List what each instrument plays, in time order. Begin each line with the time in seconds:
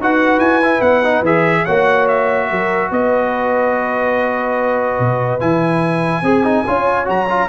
0.00 tuba D#4, trombone F#4, horn B4, trumpet F#5
0.39 tuba E4, trumpet G#5
0.63 trombone E4
0.81 tuba B3, trumpet F#5
1.04 trombone D#4
1.22 tuba E3, trombone G#4, trumpet E5
1.64 tuba A#3, trombone F#4, horn C#5, trumpet F#5
2.08 trumpet E5
2.49 tuba F#3, horn A#4
2.91 tuba B3, horn B4, trumpet D#5
4.99 tuba B2
5.40 tuba E3, trombone E4, trumpet G#5
6.22 tuba C4, trombone G#4, horn G#4
6.44 trombone D#4
6.65 tuba C#4, trombone F4, horn C#5
7.05 tuba F#3, trombone F#4, trumpet A#5
7.30 trombone F4